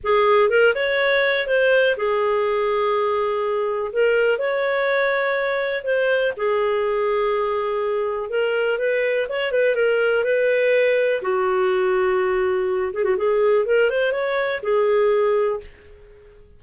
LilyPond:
\new Staff \with { instrumentName = "clarinet" } { \time 4/4 \tempo 4 = 123 gis'4 ais'8 cis''4. c''4 | gis'1 | ais'4 cis''2. | c''4 gis'2.~ |
gis'4 ais'4 b'4 cis''8 b'8 | ais'4 b'2 fis'4~ | fis'2~ fis'8 gis'16 fis'16 gis'4 | ais'8 c''8 cis''4 gis'2 | }